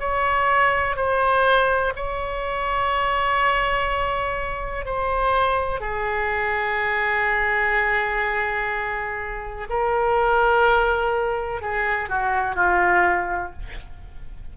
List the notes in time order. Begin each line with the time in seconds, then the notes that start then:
0.00 C#5
0.96 C5
1.96 C#5
4.86 C5
5.81 G#4
9.70 A#4
11.62 G#4
12.09 F#4
12.55 F4